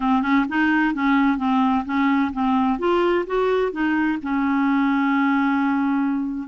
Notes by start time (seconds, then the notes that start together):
0.00 C4
0.22 C#4
0.48 D#4
0.94 C#4
1.37 C4
1.85 C#4
2.33 C4
2.78 F4
3.26 F#4
3.72 D#4
4.22 C#4